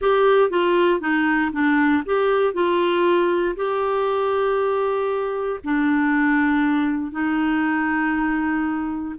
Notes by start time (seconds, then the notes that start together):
0.01 G4
0.49 F4
1.00 D#4
1.52 D4
2.05 G4
2.53 F4
3.56 G4
5.63 D4
7.11 D#4